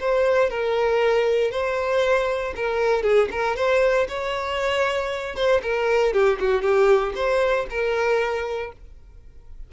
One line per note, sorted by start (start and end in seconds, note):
0.00 0.50 C5
0.50 1.51 A#4
1.51 2.54 C5
2.56 3.03 A#4
3.03 3.29 G#4
3.31 3.56 A#4
3.56 4.07 C5
4.08 5.35 C#5
5.35 5.61 C5
5.62 6.13 A#4
6.13 6.39 G4
6.40 6.62 F#4
6.62 7.13 G4
7.15 7.67 C5
7.70 8.72 A#4